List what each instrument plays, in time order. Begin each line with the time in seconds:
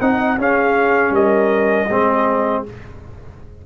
0.00 tuba C4, trombone D#4, horn D#5, trumpet F#5
0.37 tuba C#4, trombone C#4, horn G#4, trumpet F5
1.10 tuba G3, horn A#4, trumpet D#5
1.89 tuba G#3, trombone C4, horn G#4